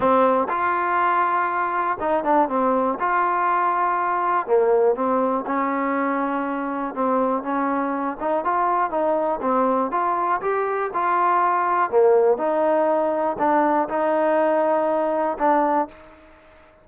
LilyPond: \new Staff \with { instrumentName = "trombone" } { \time 4/4 \tempo 4 = 121 c'4 f'2. | dis'8 d'8 c'4 f'2~ | f'4 ais4 c'4 cis'4~ | cis'2 c'4 cis'4~ |
cis'8 dis'8 f'4 dis'4 c'4 | f'4 g'4 f'2 | ais4 dis'2 d'4 | dis'2. d'4 | }